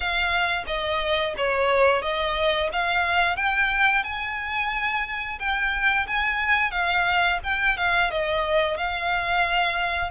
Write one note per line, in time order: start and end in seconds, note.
0.00 0.64 F5
0.66 1.34 D#5
1.37 2.02 C#5
2.02 2.69 D#5
2.72 3.36 F5
3.36 4.03 G5
4.03 5.38 G#5
5.39 6.06 G5
6.07 6.71 G#5
6.71 7.38 F5
7.43 7.77 G5
7.77 8.10 F5
8.10 8.77 D#5
8.77 10.10 F5